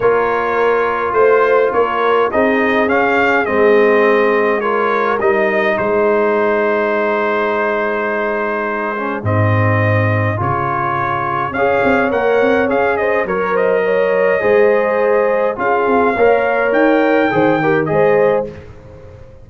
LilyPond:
<<
  \new Staff \with { instrumentName = "trumpet" } { \time 4/4 \tempo 4 = 104 cis''2 c''4 cis''4 | dis''4 f''4 dis''2 | cis''4 dis''4 c''2~ | c''1 |
dis''2 cis''2 | f''4 fis''4 f''8 dis''8 cis''8 dis''8~ | dis''2. f''4~ | f''4 g''2 dis''4 | }
  \new Staff \with { instrumentName = "horn" } { \time 4/4 ais'2 c''4 ais'4 | gis'1 | ais'2 gis'2~ | gis'1~ |
gis'1 | cis''2~ cis''8 c''8 ais'8 c''8 | cis''4 c''2 gis'4 | cis''2 c''8 ais'8 c''4 | }
  \new Staff \with { instrumentName = "trombone" } { \time 4/4 f'1 | dis'4 cis'4 c'2 | f'4 dis'2.~ | dis'2.~ dis'8 cis'8 |
c'2 f'2 | gis'4 ais'4 gis'4 ais'4~ | ais'4 gis'2 f'4 | ais'2 gis'8 g'8 gis'4 | }
  \new Staff \with { instrumentName = "tuba" } { \time 4/4 ais2 a4 ais4 | c'4 cis'4 gis2~ | gis4 g4 gis2~ | gis1 |
gis,2 cis2 | cis'8 c'8 ais8 c'8 cis'4 fis4~ | fis4 gis2 cis'8 c'8 | ais4 dis'4 dis4 gis4 | }
>>